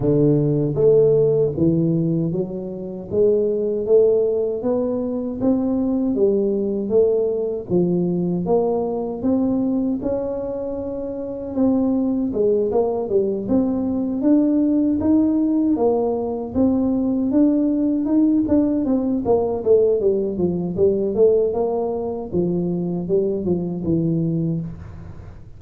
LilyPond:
\new Staff \with { instrumentName = "tuba" } { \time 4/4 \tempo 4 = 78 d4 a4 e4 fis4 | gis4 a4 b4 c'4 | g4 a4 f4 ais4 | c'4 cis'2 c'4 |
gis8 ais8 g8 c'4 d'4 dis'8~ | dis'8 ais4 c'4 d'4 dis'8 | d'8 c'8 ais8 a8 g8 f8 g8 a8 | ais4 f4 g8 f8 e4 | }